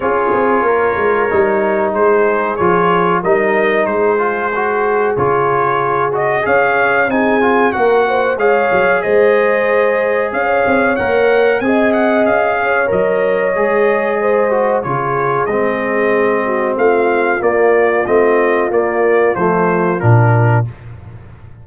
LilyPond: <<
  \new Staff \with { instrumentName = "trumpet" } { \time 4/4 \tempo 4 = 93 cis''2. c''4 | cis''4 dis''4 c''2 | cis''4. dis''8 f''4 gis''4 | fis''4 f''4 dis''2 |
f''4 fis''4 gis''8 fis''8 f''4 | dis''2. cis''4 | dis''2 f''4 d''4 | dis''4 d''4 c''4 ais'4 | }
  \new Staff \with { instrumentName = "horn" } { \time 4/4 gis'4 ais'2 gis'4~ | gis'4 ais'4 gis'2~ | gis'2 cis''4 gis'4 | ais'8 c''8 cis''4 c''2 |
cis''2 dis''4. cis''8~ | cis''2 c''4 gis'4~ | gis'4. fis'8 f'2~ | f'1 | }
  \new Staff \with { instrumentName = "trombone" } { \time 4/4 f'2 dis'2 | f'4 dis'4. f'8 fis'4 | f'4. fis'8 gis'4 dis'8 f'8 | fis'4 gis'2.~ |
gis'4 ais'4 gis'2 | ais'4 gis'4. fis'8 f'4 | c'2. ais4 | c'4 ais4 a4 d'4 | }
  \new Staff \with { instrumentName = "tuba" } { \time 4/4 cis'8 c'8 ais8 gis8 g4 gis4 | f4 g4 gis2 | cis2 cis'4 c'4 | ais4 gis8 fis8 gis2 |
cis'8 c'8 ais4 c'4 cis'4 | fis4 gis2 cis4 | gis2 a4 ais4 | a4 ais4 f4 ais,4 | }
>>